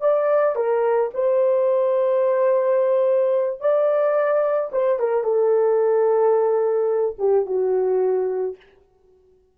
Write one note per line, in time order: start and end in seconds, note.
0.00 0.55 D5
0.55 1.10 A#4
1.14 3.60 C5
3.60 4.70 D5
4.72 4.99 C5
4.99 5.23 A#4
5.23 7.16 A4
7.18 7.46 G4
7.46 8.56 F#4